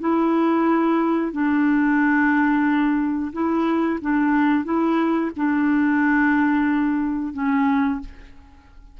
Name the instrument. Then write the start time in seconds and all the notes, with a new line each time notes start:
clarinet
0.00 E4
1.32 D4
3.33 E4
4.01 D4
4.64 E4
5.36 D4
7.33 C#4